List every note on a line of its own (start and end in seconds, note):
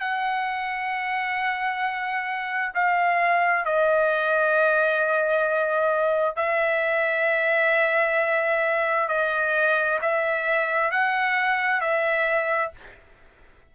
0.00 2.73 F#5
2.74 3.65 F5
3.65 6.36 D#5
6.36 9.08 E5
9.08 9.99 D#5
10.02 10.91 E5
10.91 11.81 F#5
11.81 12.71 E5